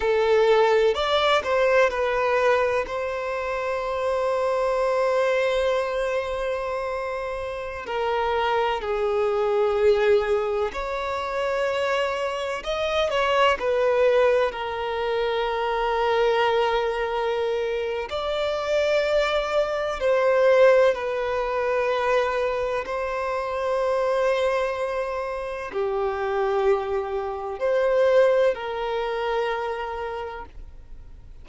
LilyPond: \new Staff \with { instrumentName = "violin" } { \time 4/4 \tempo 4 = 63 a'4 d''8 c''8 b'4 c''4~ | c''1~ | c''16 ais'4 gis'2 cis''8.~ | cis''4~ cis''16 dis''8 cis''8 b'4 ais'8.~ |
ais'2. d''4~ | d''4 c''4 b'2 | c''2. g'4~ | g'4 c''4 ais'2 | }